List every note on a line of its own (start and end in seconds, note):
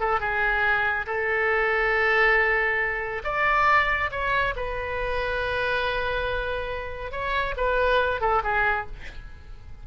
0.00 0.20 A4
0.20 1.06 G#4
1.06 3.22 A4
3.24 4.10 D5
4.11 4.54 C#5
4.56 7.11 B4
7.11 7.55 C#5
7.57 8.21 B4
8.21 8.42 A4
8.43 8.86 G#4